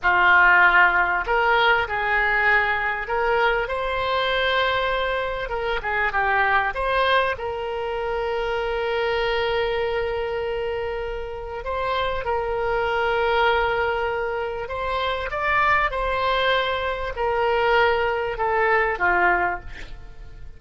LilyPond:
\new Staff \with { instrumentName = "oboe" } { \time 4/4 \tempo 4 = 98 f'2 ais'4 gis'4~ | gis'4 ais'4 c''2~ | c''4 ais'8 gis'8 g'4 c''4 | ais'1~ |
ais'2. c''4 | ais'1 | c''4 d''4 c''2 | ais'2 a'4 f'4 | }